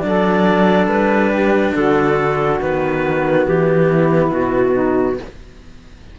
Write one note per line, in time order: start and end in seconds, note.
0.00 0.87 F#3
0.00 2.59 D4
0.00 1.31 A4
0.00 0.86 D5
0.87 1.72 G3
0.87 1.74 B4
1.31 1.74 G4
1.74 2.61 D3
1.74 3.88 F#4
1.74 2.60 A4
2.61 3.47 D#3
2.61 5.19 B3
2.61 3.46 B4
3.47 4.31 E3
3.47 4.31 G4
3.88 4.73 E4
4.31 5.17 B2
4.31 5.17 F#4
4.73 5.16 D#4